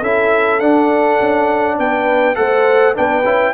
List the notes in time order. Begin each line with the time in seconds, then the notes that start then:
0.00 C#4 E4 A4 E5
0.60 D4 F#5
1.20 C#4
1.79 B3 B4 G5
2.35 A3 A4 C5 F#5
2.94 B3 D4 B4 G5
3.24 C#4 E4